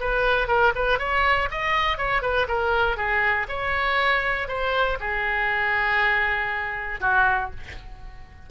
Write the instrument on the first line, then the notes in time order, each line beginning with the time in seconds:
oboe
0.00 B4
0.48 A#4
0.75 B4
0.99 C#5
1.51 D#5
1.98 C#5
2.22 B4
2.48 A#4
2.97 G#4
3.48 C#5
4.48 C5
5.00 G#4
7.00 F#4